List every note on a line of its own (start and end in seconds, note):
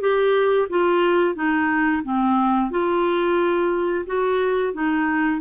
0.00 0.67 G4
0.69 1.35 F4
1.35 2.02 D#4
2.03 2.70 C4
2.70 4.05 F4
4.06 4.73 F#4
4.73 5.40 D#4